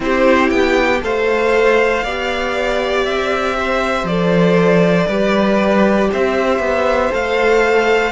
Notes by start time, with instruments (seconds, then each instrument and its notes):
0.00 cello C4, viola E4, violin G4 C5
0.50 cello B3, violin G5
1.01 cello A3, viola A4, violin C5 F5
2.03 cello B3, viola G4, violin D5
3.05 cello C4, violin E5
3.58 violin C5
4.03 cello F3, viola A4, violin D5
5.07 cello G3, viola G4, violin B4
6.12 cello C4, violin C5 E5
6.58 cello B3
7.11 cello A3, viola A4, violin F5